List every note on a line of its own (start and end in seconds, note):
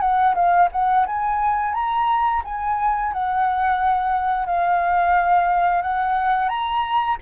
0.00 0.34 F#5
0.34 0.68 F5
0.72 1.06 F#5
1.06 1.73 G#5
1.73 2.41 A#5
2.44 3.12 G#5
3.12 4.45 F#5
4.45 5.81 F5
5.81 6.48 F#5
6.48 7.16 A#5